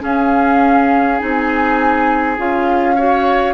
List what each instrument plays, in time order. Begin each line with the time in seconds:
0.00 clarinet C#4, bassoon C#4, oboe G#4, flute F5
1.18 bassoon C4, clarinet D#4, flute G#5
2.37 bassoon C#4, clarinet F4, flute F5
2.96 clarinet F#4, oboe C#5